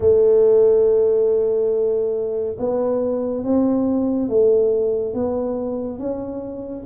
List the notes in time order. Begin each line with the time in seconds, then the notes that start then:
0.00 A3
2.58 B3
3.44 C4
4.29 A3
5.14 B3
5.98 C#4